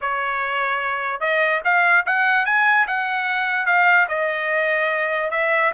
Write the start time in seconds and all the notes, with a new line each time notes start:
0.01 C#5
1.20 D#5
1.64 F5
2.06 F#5
2.45 G#5
2.87 F#5
3.65 F5
4.08 D#5
5.30 E5